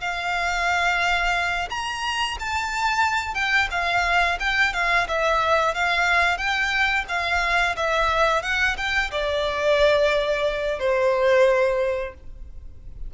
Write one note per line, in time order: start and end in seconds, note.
0.00 1.69 F5
1.70 2.37 A#5
2.39 3.34 A5
3.34 3.68 G5
3.71 4.38 F5
4.39 4.73 G5
4.73 5.07 F5
5.07 5.74 E5
5.74 6.37 F5
6.37 7.04 G5
7.08 7.75 F5
7.76 8.42 E5
8.42 8.76 F#5
8.77 9.10 G5
9.11 10.79 D5
10.79 12.13 C5